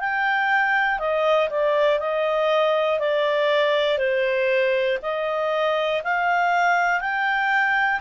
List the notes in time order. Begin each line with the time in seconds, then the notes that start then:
0.00 G5
0.99 D#5
1.50 D5
2.00 D#5
3.00 D5
3.98 C5
5.02 D#5
6.04 F5
7.00 G5